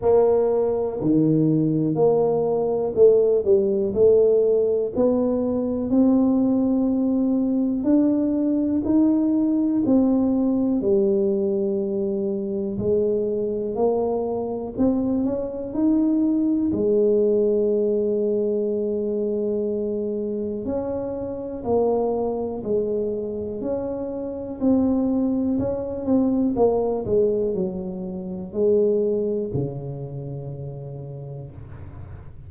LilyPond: \new Staff \with { instrumentName = "tuba" } { \time 4/4 \tempo 4 = 61 ais4 dis4 ais4 a8 g8 | a4 b4 c'2 | d'4 dis'4 c'4 g4~ | g4 gis4 ais4 c'8 cis'8 |
dis'4 gis2.~ | gis4 cis'4 ais4 gis4 | cis'4 c'4 cis'8 c'8 ais8 gis8 | fis4 gis4 cis2 | }